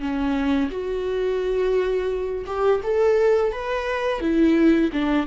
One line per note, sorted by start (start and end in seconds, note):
0.00 0.70 C#4
0.70 2.45 F#4
2.46 2.81 G4
2.83 3.52 A4
3.52 4.21 B4
4.21 4.90 E4
4.92 5.26 D4